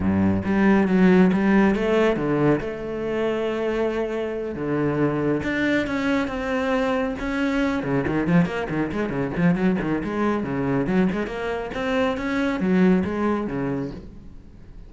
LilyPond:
\new Staff \with { instrumentName = "cello" } { \time 4/4 \tempo 4 = 138 g,4 g4 fis4 g4 | a4 d4 a2~ | a2~ a8 d4.~ | d8 d'4 cis'4 c'4.~ |
c'8 cis'4. cis8 dis8 f8 ais8 | dis8 gis8 cis8 f8 fis8 dis8 gis4 | cis4 fis8 gis8 ais4 c'4 | cis'4 fis4 gis4 cis4 | }